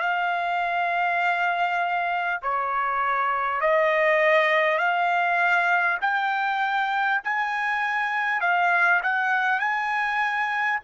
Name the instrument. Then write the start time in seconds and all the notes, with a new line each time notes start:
trumpet
0.00 F5
2.42 C#5
3.61 D#5
4.78 F5
6.01 G5
7.24 G#5
8.41 F5
9.03 F#5
9.59 G#5